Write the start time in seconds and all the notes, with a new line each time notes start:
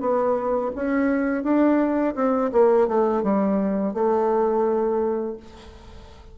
0.00 B3
0.75 C#4
1.43 D4
2.15 C4
2.52 A#3
2.88 A3
3.23 G3
3.94 A3